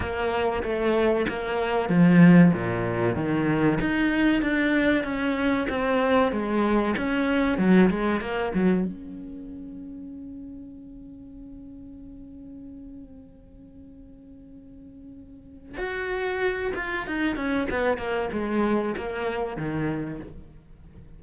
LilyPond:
\new Staff \with { instrumentName = "cello" } { \time 4/4 \tempo 4 = 95 ais4 a4 ais4 f4 | ais,4 dis4 dis'4 d'4 | cis'4 c'4 gis4 cis'4 | fis8 gis8 ais8 fis8 cis'2~ |
cis'1~ | cis'1~ | cis'4 fis'4. f'8 dis'8 cis'8 | b8 ais8 gis4 ais4 dis4 | }